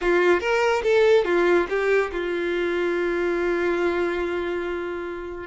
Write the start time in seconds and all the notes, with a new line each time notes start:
0.01 F4
0.40 A#4
0.83 A4
1.24 F4
1.69 G4
2.12 F4